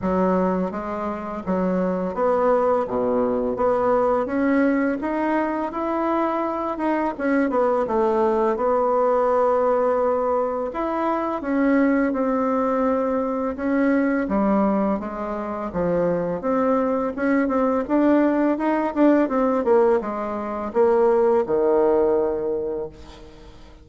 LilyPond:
\new Staff \with { instrumentName = "bassoon" } { \time 4/4 \tempo 4 = 84 fis4 gis4 fis4 b4 | b,4 b4 cis'4 dis'4 | e'4. dis'8 cis'8 b8 a4 | b2. e'4 |
cis'4 c'2 cis'4 | g4 gis4 f4 c'4 | cis'8 c'8 d'4 dis'8 d'8 c'8 ais8 | gis4 ais4 dis2 | }